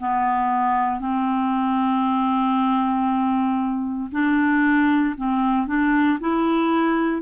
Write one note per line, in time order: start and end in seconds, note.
0.00 1.00 B3
1.00 4.11 C4
4.12 5.15 D4
5.18 5.68 C4
5.68 6.19 D4
6.21 7.22 E4